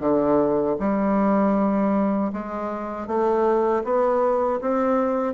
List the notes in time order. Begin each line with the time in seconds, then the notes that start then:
0.00 D3
0.80 G3
2.33 G#3
3.07 A3
3.84 B3
4.61 C4